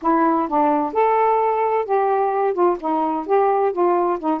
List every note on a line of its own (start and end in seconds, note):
0.02 0.48 E4
0.48 0.93 D4
0.93 1.85 A4
1.85 2.53 G4
2.53 2.77 F4
2.80 3.26 D#4
3.26 3.72 G4
3.72 4.18 F4
4.19 4.40 D#4